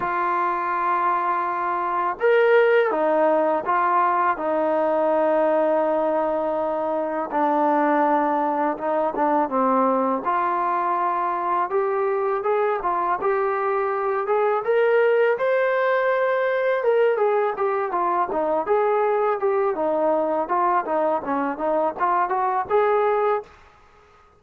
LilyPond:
\new Staff \with { instrumentName = "trombone" } { \time 4/4 \tempo 4 = 82 f'2. ais'4 | dis'4 f'4 dis'2~ | dis'2 d'2 | dis'8 d'8 c'4 f'2 |
g'4 gis'8 f'8 g'4. gis'8 | ais'4 c''2 ais'8 gis'8 | g'8 f'8 dis'8 gis'4 g'8 dis'4 | f'8 dis'8 cis'8 dis'8 f'8 fis'8 gis'4 | }